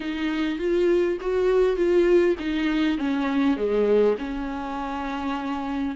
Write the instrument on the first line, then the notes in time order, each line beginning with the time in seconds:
viola
0.00 D#4
0.58 F4
1.20 F#4
1.76 F4
2.39 D#4
2.98 C#4
3.56 G#3
4.18 C#4